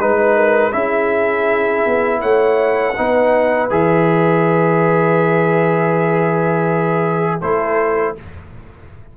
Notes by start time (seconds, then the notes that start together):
0.00 G#3 D#4 B4
0.35 A#4
0.72 C#4 E4 G#4 E5
1.86 B3
2.21 A3 C#5 F#5
2.97 B3 D#4 B4
3.70 E3 G#4 E5
7.40 A3 E4 A4 C5